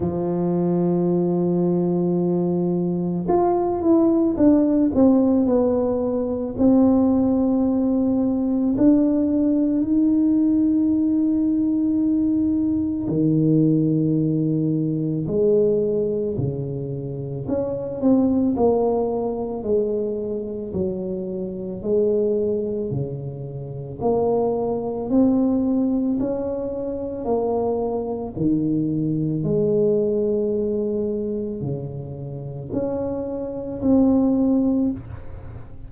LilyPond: \new Staff \with { instrumentName = "tuba" } { \time 4/4 \tempo 4 = 55 f2. f'8 e'8 | d'8 c'8 b4 c'2 | d'4 dis'2. | dis2 gis4 cis4 |
cis'8 c'8 ais4 gis4 fis4 | gis4 cis4 ais4 c'4 | cis'4 ais4 dis4 gis4~ | gis4 cis4 cis'4 c'4 | }